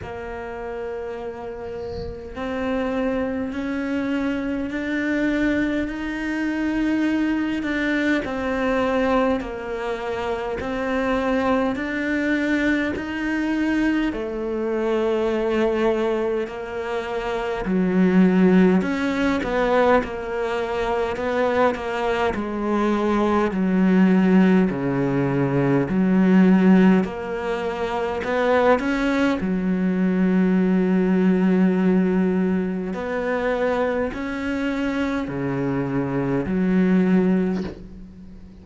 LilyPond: \new Staff \with { instrumentName = "cello" } { \time 4/4 \tempo 4 = 51 ais2 c'4 cis'4 | d'4 dis'4. d'8 c'4 | ais4 c'4 d'4 dis'4 | a2 ais4 fis4 |
cis'8 b8 ais4 b8 ais8 gis4 | fis4 cis4 fis4 ais4 | b8 cis'8 fis2. | b4 cis'4 cis4 fis4 | }